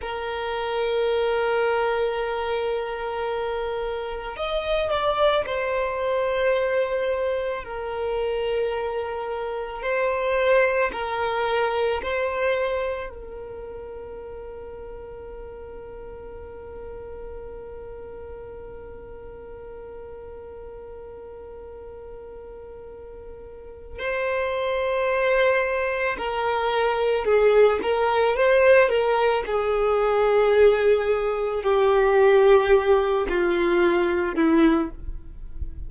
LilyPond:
\new Staff \with { instrumentName = "violin" } { \time 4/4 \tempo 4 = 55 ais'1 | dis''8 d''8 c''2 ais'4~ | ais'4 c''4 ais'4 c''4 | ais'1~ |
ais'1~ | ais'2 c''2 | ais'4 gis'8 ais'8 c''8 ais'8 gis'4~ | gis'4 g'4. f'4 e'8 | }